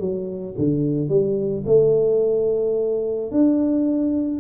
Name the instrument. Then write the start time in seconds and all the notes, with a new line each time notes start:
tuba
0.00 F#3
0.58 D3
1.09 G3
1.66 A3
3.32 D4